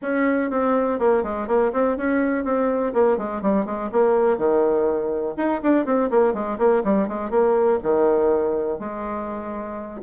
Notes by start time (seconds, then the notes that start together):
0.01 C#4
0.50 C4
0.99 A#3
1.23 G#3
1.47 A#3
1.72 C4
1.97 C#4
2.44 C4
2.93 A#3
3.17 G#3
3.41 G3
3.65 G#3
3.92 A#3
4.37 D#3
5.37 D#4
5.63 D4
5.85 C4
6.10 A#3
6.33 G#3
6.58 A#3
6.83 G3
7.07 G#3
7.30 A#3
7.82 D#3
8.79 G#3